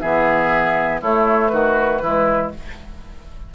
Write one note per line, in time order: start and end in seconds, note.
0.00 1.02 E3
0.00 1.03 B3
0.00 1.02 G#4
0.00 1.00 E5
1.02 1.52 A3
1.02 2.04 A3
1.02 1.52 E4
1.02 1.48 C#5
1.48 2.02 D#3
1.48 2.02 F#4
1.48 2.48 B4
2.02 2.52 E3
2.02 2.55 G#3
2.02 2.52 E4